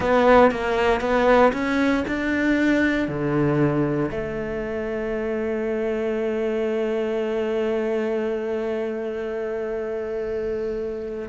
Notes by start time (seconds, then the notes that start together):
0.00 B3
0.51 A#3
1.00 B3
1.52 C#4
2.07 D4
3.08 D3
4.10 A3